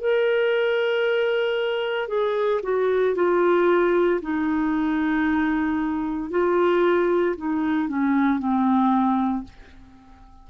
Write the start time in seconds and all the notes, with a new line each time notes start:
0.00 A#4
2.08 G#4
2.62 F#4
3.15 F4
4.21 D#4
6.30 F4
7.36 D#4
7.88 C#4
8.38 C4